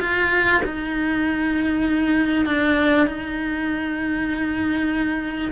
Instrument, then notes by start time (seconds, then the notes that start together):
cello
0.00 F4
0.65 D#4
2.45 D4
3.06 D#4